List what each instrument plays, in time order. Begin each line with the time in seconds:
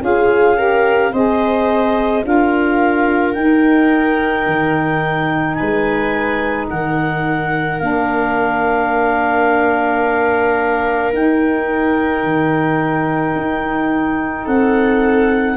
0.00 tuba C#4, saxophone F4, viola G#4, clarinet F5
0.56 saxophone G4, viola A#4
1.12 tuba C4, saxophone G#4, viola C5, clarinet D#5
2.23 tuba D4, saxophone F4, viola A#4, clarinet F5
3.33 saxophone D#4, tuba D#4, clarinet G5
4.46 tuba D#3
5.54 viola B4, clarinet G#5
5.61 tuba G#3
6.69 tuba D#3, viola A#4, clarinet F#5
7.79 tuba A#3, saxophone D4, clarinet F5
11.12 tuba D#4, saxophone D#4, clarinet G5
12.23 tuba D#3
13.35 tuba D#4
14.44 tuba C4, viola A4, clarinet F#5